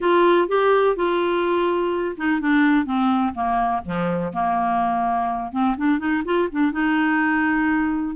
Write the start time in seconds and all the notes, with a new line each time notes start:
0.00 F4
0.48 G4
0.96 F4
2.17 D#4
2.40 D4
2.85 C4
3.34 A#3
3.84 F3
4.33 A#3
5.52 C4
5.77 D4
5.98 D#4
6.24 F4
6.51 D4
6.72 D#4